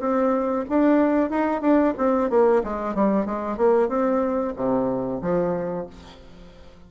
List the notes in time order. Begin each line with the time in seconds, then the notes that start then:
0.00 C4
0.69 D4
1.30 D#4
1.61 D4
1.98 C4
2.30 A#3
2.64 G#3
2.95 G3
3.26 G#3
3.58 A#3
3.89 C4
4.56 C3
5.22 F3